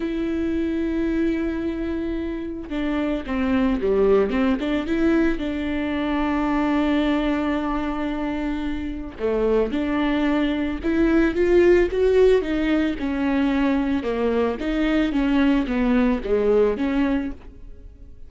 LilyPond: \new Staff \with { instrumentName = "viola" } { \time 4/4 \tempo 4 = 111 e'1~ | e'4 d'4 c'4 g4 | c'8 d'8 e'4 d'2~ | d'1~ |
d'4 a4 d'2 | e'4 f'4 fis'4 dis'4 | cis'2 ais4 dis'4 | cis'4 b4 gis4 cis'4 | }